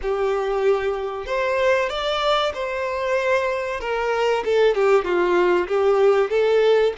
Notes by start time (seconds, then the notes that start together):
0.01 G4
1.26 C5
1.89 D5
2.53 C5
3.80 A#4
4.44 A4
4.75 G4
5.04 F4
5.67 G4
6.30 A4